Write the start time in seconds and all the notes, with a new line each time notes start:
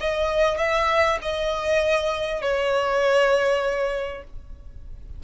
0.00 D#5
0.58 E5
1.21 D#5
2.42 C#5